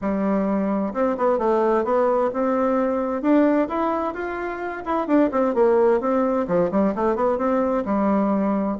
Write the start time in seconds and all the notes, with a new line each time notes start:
0.01 G3
0.93 C4
1.17 B3
1.38 A3
1.84 B3
2.33 C4
3.21 D4
3.68 E4
4.13 F4
4.85 E4
5.07 D4
5.31 C4
5.54 A#3
6.00 C4
6.47 F3
6.71 G3
6.95 A3
7.15 B3
7.38 C4
7.85 G3